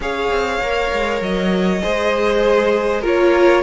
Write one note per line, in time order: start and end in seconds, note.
0.00 0.29 C#4
0.00 0.61 G#4
0.00 1.82 C#5
0.00 1.22 F5
0.30 0.60 C4
0.61 0.91 A#3
0.61 1.81 A#4
0.92 1.21 G#3
1.21 1.81 F#3
1.21 3.04 D#5
1.81 3.04 G#3
1.81 3.03 G#4
1.81 3.01 C5
3.01 3.62 A#3
3.01 3.62 F4
3.01 3.61 A#4
3.01 3.62 C#5